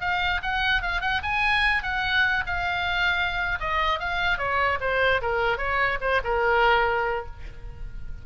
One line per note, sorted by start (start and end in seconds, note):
0.00 0.41 F5
0.42 0.81 F#5
0.81 1.01 F5
1.01 1.21 F#5
1.22 1.82 G#5
1.82 2.44 F#5
2.46 3.58 F5
3.60 3.99 D#5
3.99 4.37 F5
4.37 4.78 C#5
4.80 5.21 C5
5.21 5.57 A#4
5.57 5.98 C#5
6.00 6.21 C5
6.24 7.26 A#4